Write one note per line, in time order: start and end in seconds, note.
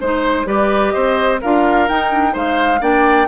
0.00 0.45 G#3
0.00 0.45 D#4
0.00 0.47 C5
0.00 0.46 C5
0.45 0.92 G3
0.45 1.39 G4
0.45 0.93 B4
0.45 0.91 D5
0.91 1.42 C4
0.91 1.40 C5
0.91 1.38 D#5
1.41 1.89 D4
1.41 1.88 F4
1.41 2.33 A#4
1.41 1.88 F5
1.88 2.10 D#4
1.88 2.35 D#4
1.88 2.35 G5
2.10 2.30 D4
2.30 2.81 G#3
2.30 2.77 D#4
2.30 2.79 C5
2.36 2.82 F5
2.80 3.28 A#3
2.80 3.27 D4
2.80 3.27 D5
2.80 3.28 G5